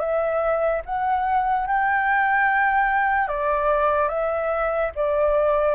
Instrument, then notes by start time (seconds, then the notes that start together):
flute
0.00 E5
0.86 F#5
1.67 G5
3.28 D5
4.09 E5
4.95 D5